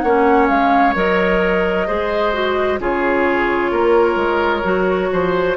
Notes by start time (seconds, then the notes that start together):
0.00 A#3 C#4 C#5 F#5
0.47 G#3 F5
0.95 F#3 A#4 D#5
1.87 G#3 G#4 C5
2.33 F#4
2.79 C#3 F4 G#4 C#5
3.71 A#3 A#4
4.16 G#3
4.63 F#3 F#4
5.12 F3 C5